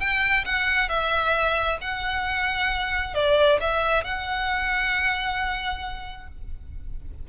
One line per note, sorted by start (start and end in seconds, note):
0.00 0.45 G5
0.45 0.89 F#5
0.89 1.78 E5
1.81 3.14 F#5
3.14 3.59 D5
3.60 4.04 E5
4.04 6.28 F#5